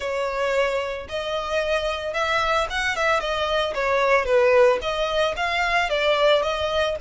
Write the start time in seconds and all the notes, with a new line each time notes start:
0.00 C#5
1.09 D#5
2.13 E5
2.70 F#5
2.95 E5
3.20 D#5
3.74 C#5
4.25 B4
4.81 D#5
5.36 F5
5.89 D5
6.42 D#5